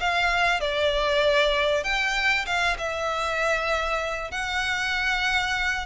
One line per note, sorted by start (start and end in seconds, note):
0.00 0.61 F5
0.61 1.84 D5
1.84 2.46 G5
2.46 2.77 F5
2.78 4.31 E5
4.31 5.86 F#5